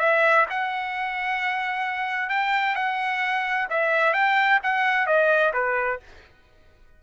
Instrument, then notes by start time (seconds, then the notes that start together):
trumpet
0.00 E5
0.50 F#5
2.30 G5
2.76 F#5
3.70 E5
4.14 G5
4.64 F#5
5.07 D#5
5.54 B4